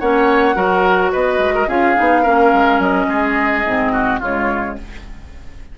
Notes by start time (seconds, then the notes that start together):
0.00 A#3 C#4 C#5 F#5
0.55 F#3 F#4 A#4
1.13 B3 B4 D#5
1.39 G#3
1.55 A#4
1.68 C#4 F4 G#4 F5
1.96 B3 D#4
2.23 A#3 C#4 A#4
2.53 G#3
2.79 F#3 D#5
3.08 G#3 G#4
3.66 G#2 C4
3.93 F#4
4.20 C#3 G#3 F4 C#5